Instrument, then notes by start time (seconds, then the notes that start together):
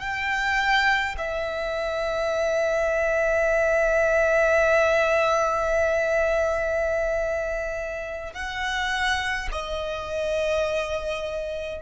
violin
0.00 G5
1.18 E5
8.33 F#5
9.52 D#5